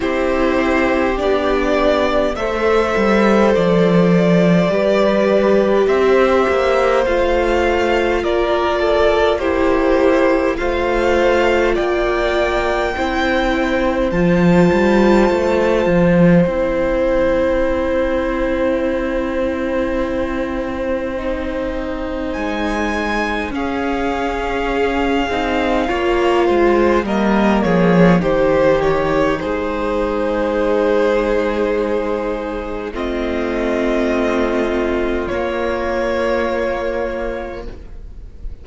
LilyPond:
<<
  \new Staff \with { instrumentName = "violin" } { \time 4/4 \tempo 4 = 51 c''4 d''4 e''4 d''4~ | d''4 e''4 f''4 d''4 | c''4 f''4 g''2 | a''2 g''2~ |
g''2. gis''4 | f''2. dis''8 cis''8 | c''8 cis''8 c''2. | dis''2 cis''2 | }
  \new Staff \with { instrumentName = "violin" } { \time 4/4 g'2 c''2 | b'4 c''2 ais'8 a'8 | g'4 c''4 d''4 c''4~ | c''1~ |
c''1 | gis'2 cis''8 c''8 ais'8 gis'8 | g'4 gis'2. | f'1 | }
  \new Staff \with { instrumentName = "viola" } { \time 4/4 e'4 d'4 a'2 | g'2 f'2 | e'4 f'2 e'4 | f'2 e'2~ |
e'2 dis'2 | cis'4. dis'8 f'4 ais4 | dis'1 | c'2 ais2 | }
  \new Staff \with { instrumentName = "cello" } { \time 4/4 c'4 b4 a8 g8 f4 | g4 c'8 ais8 a4 ais4~ | ais4 a4 ais4 c'4 | f8 g8 a8 f8 c'2~ |
c'2. gis4 | cis'4. c'8 ais8 gis8 g8 f8 | dis4 gis2. | a2 ais2 | }
>>